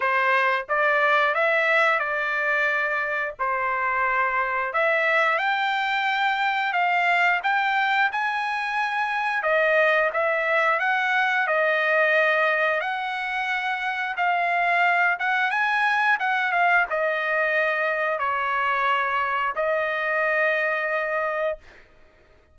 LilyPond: \new Staff \with { instrumentName = "trumpet" } { \time 4/4 \tempo 4 = 89 c''4 d''4 e''4 d''4~ | d''4 c''2 e''4 | g''2 f''4 g''4 | gis''2 dis''4 e''4 |
fis''4 dis''2 fis''4~ | fis''4 f''4. fis''8 gis''4 | fis''8 f''8 dis''2 cis''4~ | cis''4 dis''2. | }